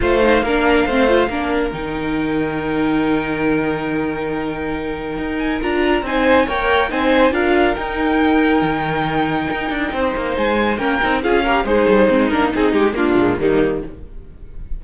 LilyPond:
<<
  \new Staff \with { instrumentName = "violin" } { \time 4/4 \tempo 4 = 139 f''1 | g''1~ | g''1~ | g''8 gis''8 ais''4 gis''4 g''4 |
gis''4 f''4 g''2~ | g''1 | gis''4 g''4 f''4 c''4~ | c''8 ais'8 gis'8 g'8 f'4 dis'4 | }
  \new Staff \with { instrumentName = "violin" } { \time 4/4 c''4 ais'4 c''4 ais'4~ | ais'1~ | ais'1~ | ais'2 c''4 cis''4 |
c''4 ais'2.~ | ais'2. c''4~ | c''4 ais'4 gis'8 ais'8 dis'4~ | dis'2 d'4 ais4 | }
  \new Staff \with { instrumentName = "viola" } { \time 4/4 f'8 dis'8 d'4 c'8 f'8 d'4 | dis'1~ | dis'1~ | dis'4 f'4 dis'4 ais'4 |
dis'4 f'4 dis'2~ | dis'1~ | dis'4 cis'8 dis'8 f'8 g'8 gis'4 | c'8 d'8 dis'4 ais8 gis8 g4 | }
  \new Staff \with { instrumentName = "cello" } { \time 4/4 a4 ais4 a4 ais4 | dis1~ | dis1 | dis'4 d'4 c'4 ais4 |
c'4 d'4 dis'2 | dis2 dis'8 d'8 c'8 ais8 | gis4 ais8 c'8 cis'4 gis8 g8 | gis8 ais8 c'8 gis8 ais8 ais,8 dis4 | }
>>